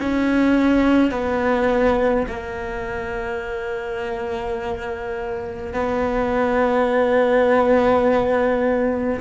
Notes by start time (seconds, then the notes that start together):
0.00 C#4
1.11 B3
2.28 A#3
5.74 B3